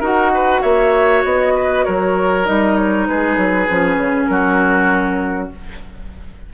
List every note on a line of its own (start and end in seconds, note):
0.00 0.62 D#4
0.00 2.45 F#4
0.00 0.31 A#4
0.00 0.62 F#5
0.34 0.61 B4
0.61 1.24 A#3
0.61 1.53 C#5
0.61 1.23 E5
1.24 1.85 B3
1.24 1.85 D#5
1.55 1.85 B4
1.85 2.48 F#3
1.85 3.08 A#4
1.85 2.46 C#5
2.45 3.08 G3
2.45 3.68 D#4
2.45 2.77 D#5
2.77 3.07 C#5
3.07 3.37 G#3
3.07 4.31 G#4
3.07 4.26 B4
3.37 3.68 F#3
3.68 3.97 F3
3.68 5.52 C#4
3.97 4.27 C#3
4.26 5.52 F#3
4.26 5.53 F#4
4.26 5.49 A#4